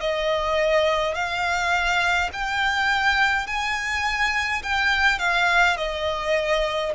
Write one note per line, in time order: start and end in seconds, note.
0.00 1.14 D#5
1.14 2.30 F5
2.32 3.47 G5
3.47 4.62 G#5
4.63 5.19 G5
5.19 5.76 F5
5.77 6.92 D#5